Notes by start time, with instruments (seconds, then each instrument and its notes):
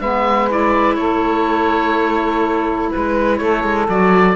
0.00 cello G#3, clarinet B3, saxophone B4, oboe E5
0.49 clarinet E4, oboe D5
0.95 cello A3, saxophone A4, oboe C#5
2.91 cello G#3, oboe B4, saxophone B4
3.37 cello A3, saxophone A4, oboe C#5
3.63 cello G#3
3.88 cello F#3, clarinet F#4, oboe D5